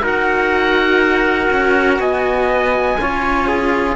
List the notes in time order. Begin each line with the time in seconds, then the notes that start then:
0.00 D#4 F#4 A#4
0.06 F#5
1.50 C#4
1.98 B3 D#5 G#5
2.98 C#4 F4 C#5
3.48 G#4